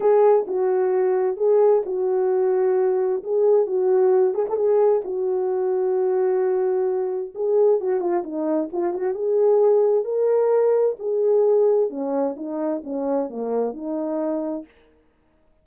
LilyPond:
\new Staff \with { instrumentName = "horn" } { \time 4/4 \tempo 4 = 131 gis'4 fis'2 gis'4 | fis'2. gis'4 | fis'4. gis'16 a'16 gis'4 fis'4~ | fis'1 |
gis'4 fis'8 f'8 dis'4 f'8 fis'8 | gis'2 ais'2 | gis'2 cis'4 dis'4 | cis'4 ais4 dis'2 | }